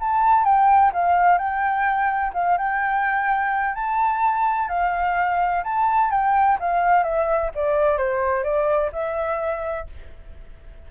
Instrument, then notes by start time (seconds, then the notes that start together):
flute
0.00 A5
0.44 G5
0.93 F5
1.38 G5
2.34 F5
2.58 G5
3.75 A5
4.69 F5
5.64 A5
6.11 G5
6.59 F5
7.03 E5
7.55 D5
7.98 C5
8.44 D5
8.92 E5